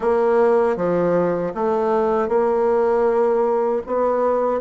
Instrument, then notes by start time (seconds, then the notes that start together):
bassoon
0.00 A#3
0.76 F3
1.54 A3
2.28 A#3
3.86 B3